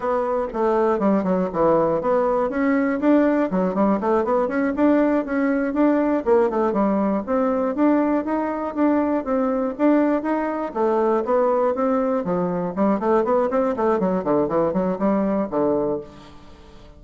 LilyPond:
\new Staff \with { instrumentName = "bassoon" } { \time 4/4 \tempo 4 = 120 b4 a4 g8 fis8 e4 | b4 cis'4 d'4 fis8 g8 | a8 b8 cis'8 d'4 cis'4 d'8~ | d'8 ais8 a8 g4 c'4 d'8~ |
d'8 dis'4 d'4 c'4 d'8~ | d'8 dis'4 a4 b4 c'8~ | c'8 f4 g8 a8 b8 c'8 a8 | fis8 d8 e8 fis8 g4 d4 | }